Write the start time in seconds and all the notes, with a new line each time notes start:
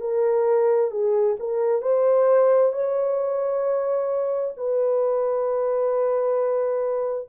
0.00 A#4
0.90 G#4
1.39 A#4
1.81 C5
2.72 C#5
4.57 B4